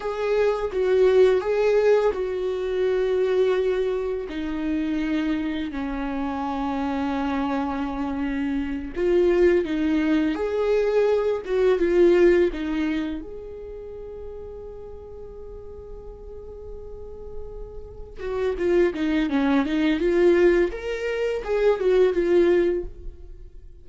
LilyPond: \new Staff \with { instrumentName = "viola" } { \time 4/4 \tempo 4 = 84 gis'4 fis'4 gis'4 fis'4~ | fis'2 dis'2 | cis'1~ | cis'8 f'4 dis'4 gis'4. |
fis'8 f'4 dis'4 gis'4.~ | gis'1~ | gis'4. fis'8 f'8 dis'8 cis'8 dis'8 | f'4 ais'4 gis'8 fis'8 f'4 | }